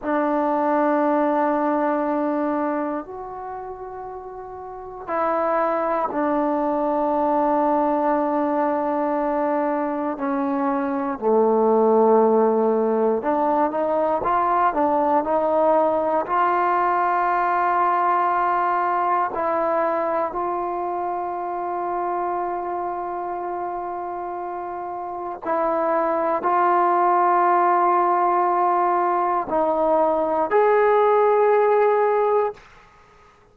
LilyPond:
\new Staff \with { instrumentName = "trombone" } { \time 4/4 \tempo 4 = 59 d'2. fis'4~ | fis'4 e'4 d'2~ | d'2 cis'4 a4~ | a4 d'8 dis'8 f'8 d'8 dis'4 |
f'2. e'4 | f'1~ | f'4 e'4 f'2~ | f'4 dis'4 gis'2 | }